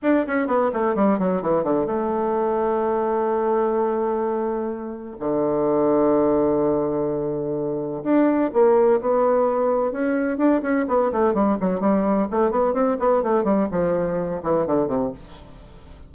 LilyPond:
\new Staff \with { instrumentName = "bassoon" } { \time 4/4 \tempo 4 = 127 d'8 cis'8 b8 a8 g8 fis8 e8 d8 | a1~ | a2. d4~ | d1~ |
d4 d'4 ais4 b4~ | b4 cis'4 d'8 cis'8 b8 a8 | g8 fis8 g4 a8 b8 c'8 b8 | a8 g8 f4. e8 d8 c8 | }